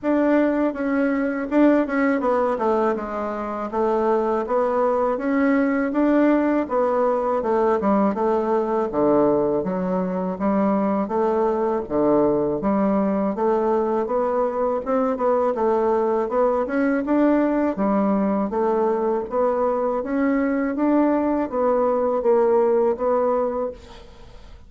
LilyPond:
\new Staff \with { instrumentName = "bassoon" } { \time 4/4 \tempo 4 = 81 d'4 cis'4 d'8 cis'8 b8 a8 | gis4 a4 b4 cis'4 | d'4 b4 a8 g8 a4 | d4 fis4 g4 a4 |
d4 g4 a4 b4 | c'8 b8 a4 b8 cis'8 d'4 | g4 a4 b4 cis'4 | d'4 b4 ais4 b4 | }